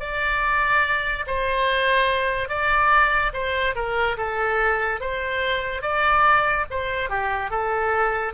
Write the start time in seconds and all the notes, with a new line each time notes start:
0.00 D5
1.27 C5
2.48 D5
3.33 C5
3.75 A#4
4.17 A4
5.00 C5
5.82 D5
6.70 C5
7.09 G4
7.50 A4